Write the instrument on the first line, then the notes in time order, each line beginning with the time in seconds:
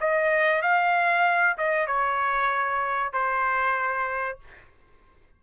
trumpet
0.00 D#5
0.62 F5
1.57 D#5
1.87 C#5
3.12 C5